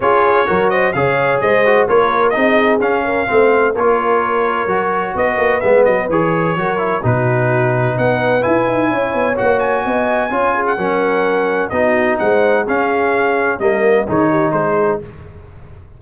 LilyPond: <<
  \new Staff \with { instrumentName = "trumpet" } { \time 4/4 \tempo 4 = 128 cis''4. dis''8 f''4 dis''4 | cis''4 dis''4 f''2 | cis''2. dis''4 | e''8 dis''8 cis''2 b'4~ |
b'4 fis''4 gis''2 | fis''8 gis''2~ gis''16 fis''4~ fis''16~ | fis''4 dis''4 fis''4 f''4~ | f''4 dis''4 cis''4 c''4 | }
  \new Staff \with { instrumentName = "horn" } { \time 4/4 gis'4 ais'8 c''8 cis''4 c''4 | ais'4 gis'4. ais'8 c''4 | ais'2. b'4~ | b'2 ais'4 fis'4~ |
fis'4 b'2 cis''4~ | cis''4 dis''4 cis''8 gis'8 ais'4~ | ais'4 fis'4 c''4 gis'4~ | gis'4 ais'4 gis'8 g'8 gis'4 | }
  \new Staff \with { instrumentName = "trombone" } { \time 4/4 f'4 fis'4 gis'4. fis'8 | f'4 dis'4 cis'4 c'4 | f'2 fis'2 | b4 gis'4 fis'8 e'8 dis'4~ |
dis'2 e'2 | fis'2 f'4 cis'4~ | cis'4 dis'2 cis'4~ | cis'4 ais4 dis'2 | }
  \new Staff \with { instrumentName = "tuba" } { \time 4/4 cis'4 fis4 cis4 gis4 | ais4 c'4 cis'4 a4 | ais2 fis4 b8 ais8 | gis8 fis8 e4 fis4 b,4~ |
b,4 b4 e'8 dis'8 cis'8 b8 | ais4 b4 cis'4 fis4~ | fis4 b4 gis4 cis'4~ | cis'4 g4 dis4 gis4 | }
>>